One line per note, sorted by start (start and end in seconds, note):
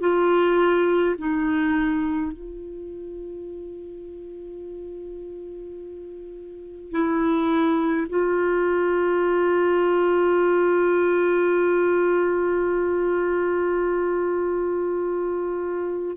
0.00 1.15 F4
1.18 2.32 D#4
2.32 6.91 F4
6.91 8.06 E4
8.09 16.16 F4